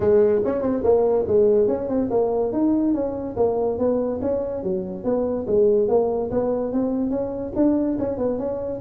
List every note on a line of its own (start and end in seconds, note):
0.00 0.41 G#3
0.44 0.61 C#4
0.61 0.82 C4
0.83 1.25 A#3
1.27 1.67 G#3
1.67 1.88 C#4
1.88 2.09 C4
2.10 2.52 A#3
2.52 2.94 D#4
2.94 3.35 C#4
3.36 3.78 A#3
3.78 4.20 B3
4.21 4.63 C#4
4.63 5.03 F#3
5.03 5.45 B3
5.47 5.88 G#3
5.88 6.30 A#3
6.31 6.72 B3
6.72 7.10 C4
7.10 7.52 C#4
7.55 7.97 D4
7.99 8.17 C#4
8.17 8.38 B3
8.38 8.80 C#4